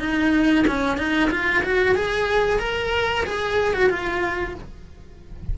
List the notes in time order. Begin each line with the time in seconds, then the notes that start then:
0.00 D#4
0.68 C#4
0.98 D#4
1.31 F4
1.64 F#4
1.95 G#4
2.60 A#4
3.26 G#4
3.74 F#4
3.90 F4